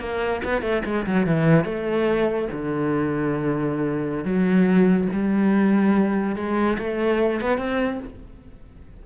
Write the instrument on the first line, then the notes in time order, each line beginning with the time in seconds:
cello
0.00 A#3
0.45 B3
0.62 A3
0.85 G#3
1.06 F#3
1.27 E3
1.65 A3
2.52 D3
4.25 F#3
5.13 G3
6.36 G#3
6.79 A3
7.41 B3
7.58 C4